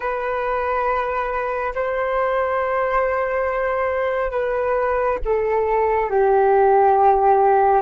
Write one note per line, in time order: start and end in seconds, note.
0.00 1.73 B4
1.74 4.31 C5
4.31 5.18 B4
5.24 6.10 A4
6.10 7.82 G4